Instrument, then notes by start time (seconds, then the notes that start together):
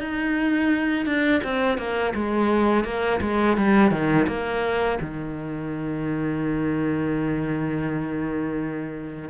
cello
0.00 D#4
1.06 D4
1.44 C4
1.78 A#3
2.15 G#3
2.84 A#3
3.21 G#3
3.57 G3
3.91 D#3
4.27 A#3
5.01 D#3